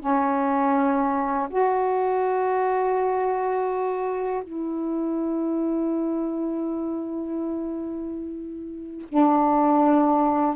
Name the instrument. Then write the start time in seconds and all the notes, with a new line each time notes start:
saxophone
0.00 C#4
1.49 F#4
4.43 E4
9.09 D4